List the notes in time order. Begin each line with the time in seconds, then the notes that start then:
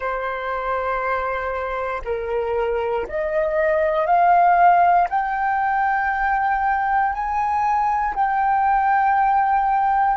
0.00 C5
2.04 A#4
3.08 D#5
4.06 F5
5.09 G5
7.12 G#5
8.14 G5